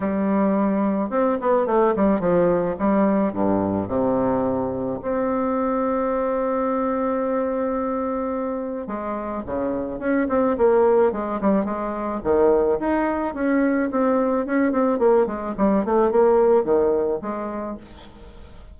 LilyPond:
\new Staff \with { instrumentName = "bassoon" } { \time 4/4 \tempo 4 = 108 g2 c'8 b8 a8 g8 | f4 g4 g,4 c4~ | c4 c'2.~ | c'1 |
gis4 cis4 cis'8 c'8 ais4 | gis8 g8 gis4 dis4 dis'4 | cis'4 c'4 cis'8 c'8 ais8 gis8 | g8 a8 ais4 dis4 gis4 | }